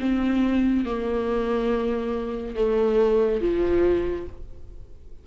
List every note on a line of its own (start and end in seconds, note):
0.00 0.85 C4
0.85 2.56 A#3
2.56 3.41 A3
3.41 4.27 F3